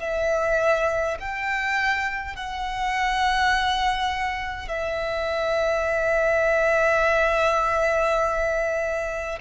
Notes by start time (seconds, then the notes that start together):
0.00 E5
1.20 G5
2.36 F#5
4.68 E5